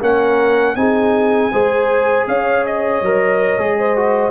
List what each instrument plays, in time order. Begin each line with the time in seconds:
0.00 tuba A#3, trombone C#4, horn A#4, trumpet F#5
0.75 tuba C4, trombone D#4, horn G#4, trumpet G#5
1.52 tuba G#3, trombone G#4, horn C5
2.27 tuba C#4, horn C#5, trumpet F5
2.66 trumpet D#5
3.02 tuba F#3, trombone A#4
3.58 tuba G#3, trombone G#4
3.79 horn C5
3.96 trombone F#4